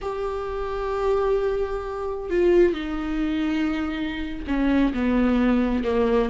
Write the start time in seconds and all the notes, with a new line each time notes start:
0.01 G4
2.30 F4
2.73 D#4
4.47 C#4
4.93 B3
5.84 A#3